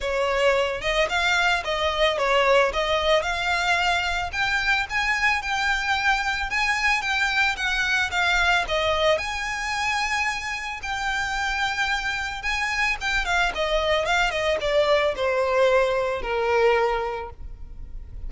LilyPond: \new Staff \with { instrumentName = "violin" } { \time 4/4 \tempo 4 = 111 cis''4. dis''8 f''4 dis''4 | cis''4 dis''4 f''2 | g''4 gis''4 g''2 | gis''4 g''4 fis''4 f''4 |
dis''4 gis''2. | g''2. gis''4 | g''8 f''8 dis''4 f''8 dis''8 d''4 | c''2 ais'2 | }